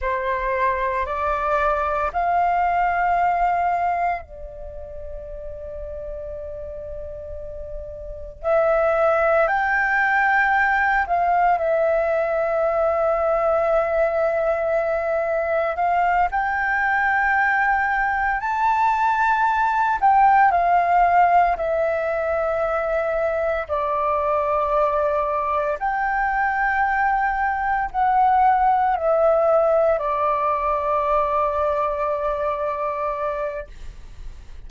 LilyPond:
\new Staff \with { instrumentName = "flute" } { \time 4/4 \tempo 4 = 57 c''4 d''4 f''2 | d''1 | e''4 g''4. f''8 e''4~ | e''2. f''8 g''8~ |
g''4. a''4. g''8 f''8~ | f''8 e''2 d''4.~ | d''8 g''2 fis''4 e''8~ | e''8 d''2.~ d''8 | }